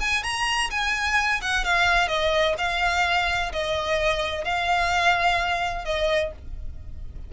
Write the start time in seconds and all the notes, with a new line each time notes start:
0.00 G#5
0.23 A#5
0.70 G#5
1.42 F#5
1.64 F5
2.08 D#5
2.58 F5
3.52 D#5
4.44 F5
5.85 D#5